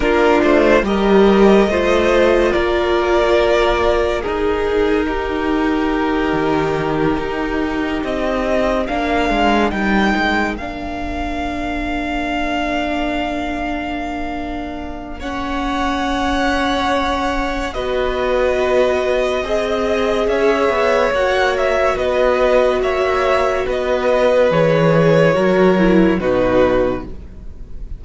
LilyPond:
<<
  \new Staff \with { instrumentName = "violin" } { \time 4/4 \tempo 4 = 71 ais'8 c''8 dis''2 d''4~ | d''4 ais'2.~ | ais'4. dis''4 f''4 g''8~ | g''8 f''2.~ f''8~ |
f''2 fis''2~ | fis''4 dis''2. | e''4 fis''8 e''8 dis''4 e''4 | dis''4 cis''2 b'4 | }
  \new Staff \with { instrumentName = "violin" } { \time 4/4 f'4 ais'4 c''4 ais'4~ | ais'4 gis'4 g'2~ | g'2~ g'8 ais'4.~ | ais'1~ |
ais'2 cis''2~ | cis''4 b'2 dis''4 | cis''2 b'4 cis''4 | b'2 ais'4 fis'4 | }
  \new Staff \with { instrumentName = "viola" } { \time 4/4 d'4 g'4 f'2~ | f'4 dis'2.~ | dis'2~ dis'8 d'4 dis'8~ | dis'8 d'2.~ d'8~ |
d'2 cis'2~ | cis'4 fis'2 gis'4~ | gis'4 fis'2.~ | fis'4 gis'4 fis'8 e'8 dis'4 | }
  \new Staff \with { instrumentName = "cello" } { \time 4/4 ais8 a8 g4 a4 ais4~ | ais4 dis'2~ dis'8 dis8~ | dis8 dis'4 c'4 ais8 gis8 g8 | gis8 ais2.~ ais8~ |
ais1~ | ais4 b2 c'4 | cis'8 b8 ais4 b4 ais4 | b4 e4 fis4 b,4 | }
>>